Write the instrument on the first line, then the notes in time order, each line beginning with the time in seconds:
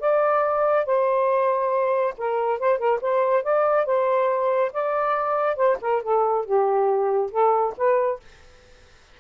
saxophone
0.00 D5
0.86 C5
2.18 A#4
2.59 C5
2.78 A#4
3.02 C5
3.44 D5
3.86 C5
4.73 D5
5.56 C5
5.81 A#4
6.03 A4
6.45 G4
7.31 A4
7.77 B4